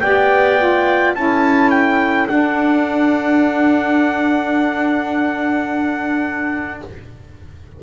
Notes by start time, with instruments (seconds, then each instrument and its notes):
0.00 double bass B3, saxophone G4, clarinet D5, trumpet G5
0.58 saxophone F4
1.14 double bass C#4, saxophone E4, clarinet A4, trumpet A5
1.70 trumpet G5
2.28 saxophone D4, double bass D4, trumpet F#5